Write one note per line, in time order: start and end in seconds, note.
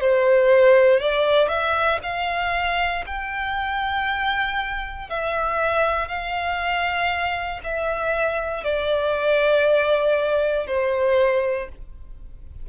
0.00 1.00 C5
1.00 1.48 D5
1.48 1.99 E5
2.02 3.04 F5
3.06 5.09 G5
5.09 6.08 E5
6.08 7.60 F5
7.64 8.64 E5
8.64 10.67 D5
10.67 11.69 C5